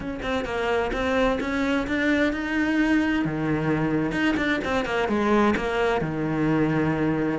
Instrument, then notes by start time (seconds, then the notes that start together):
cello
0.00 C#4
0.22 C4
0.44 A#3
0.92 C4
1.40 C#4
1.87 D4
2.32 D#4
3.24 D#3
4.11 D#4
4.36 D4
4.64 C4
4.85 A#3
5.08 G#3
5.56 A#3
6.01 D#3